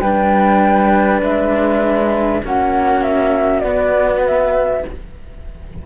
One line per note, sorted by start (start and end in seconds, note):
0.00 1.22 G3
0.00 2.43 D4
0.00 2.41 B4
0.00 1.20 G5
1.22 2.42 G#3
1.22 2.43 E5
2.43 3.63 A#3
2.43 3.64 C#4
2.43 4.83 F#4
2.43 3.02 F#5
3.02 3.60 E5
3.60 4.83 B3
3.60 4.84 B3
3.60 4.20 D5
4.26 4.86 E5